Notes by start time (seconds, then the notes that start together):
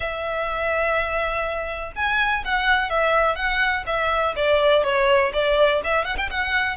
0.00 E5
1.95 G#5
2.45 F#5
2.90 E5
3.35 F#5
3.86 E5
4.36 D5
4.83 C#5
5.33 D5
5.84 E5
6.04 F#5
6.17 G5
6.30 F#5